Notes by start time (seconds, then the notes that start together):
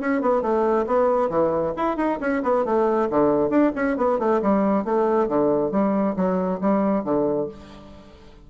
0.00 C#4
0.21 B3
0.42 A3
0.86 B3
1.29 E3
1.76 E4
1.97 D#4
2.21 C#4
2.43 B3
2.65 A3
3.10 D3
3.50 D4
3.75 C#4
3.97 B3
4.19 A3
4.42 G3
4.84 A3
5.28 D3
5.71 G3
6.16 F#3
6.61 G3
7.04 D3